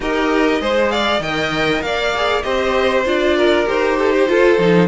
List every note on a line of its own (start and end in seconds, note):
0.00 0.60 D#4
0.00 0.61 G4
0.00 0.61 A#4
0.00 0.90 D#5
0.60 1.19 G#3
0.60 1.22 G#4
0.60 0.91 C5
0.90 1.22 D5
0.90 1.20 F5
1.19 1.81 D#3
1.19 2.15 A#4
1.19 1.83 D#5
1.19 1.81 G5
1.81 2.43 A#3
1.81 2.44 D5
1.81 2.42 F5
2.16 2.43 G#4
2.42 3.05 C4
2.42 3.04 G4
2.42 3.36 C5
2.42 3.03 D#5
3.05 3.67 D4
3.05 3.66 F4
3.05 3.67 D5
3.36 3.97 A#4
3.66 4.29 D#4
3.66 4.26 G4
3.66 4.88 C5
3.98 4.12 A4
4.12 4.27 G4
4.26 4.57 F4
4.26 4.58 F4
4.26 4.88 A4
4.58 4.88 F3
4.58 4.88 D#4